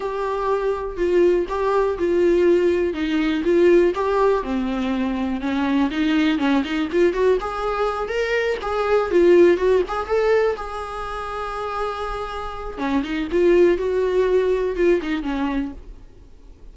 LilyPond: \new Staff \with { instrumentName = "viola" } { \time 4/4 \tempo 4 = 122 g'2 f'4 g'4 | f'2 dis'4 f'4 | g'4 c'2 cis'4 | dis'4 cis'8 dis'8 f'8 fis'8 gis'4~ |
gis'8 ais'4 gis'4 f'4 fis'8 | gis'8 a'4 gis'2~ gis'8~ | gis'2 cis'8 dis'8 f'4 | fis'2 f'8 dis'8 cis'4 | }